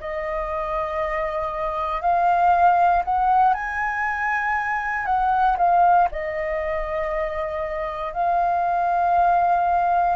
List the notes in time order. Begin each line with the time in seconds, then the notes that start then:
0.00 D#5
2.01 F5
3.04 F#5
3.54 G#5
5.06 F#5
5.57 F5
6.12 D#5
8.13 F5